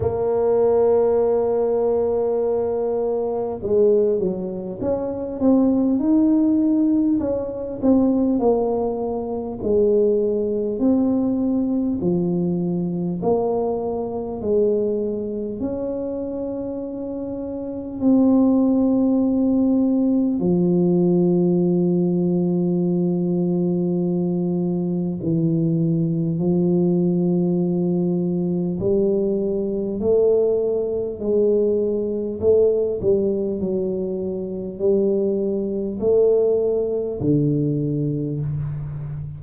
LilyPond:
\new Staff \with { instrumentName = "tuba" } { \time 4/4 \tempo 4 = 50 ais2. gis8 fis8 | cis'8 c'8 dis'4 cis'8 c'8 ais4 | gis4 c'4 f4 ais4 | gis4 cis'2 c'4~ |
c'4 f2.~ | f4 e4 f2 | g4 a4 gis4 a8 g8 | fis4 g4 a4 d4 | }